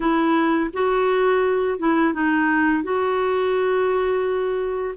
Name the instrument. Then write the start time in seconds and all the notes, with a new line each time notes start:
clarinet
0.00 E4
0.73 F#4
1.78 E4
2.13 D#4
2.83 F#4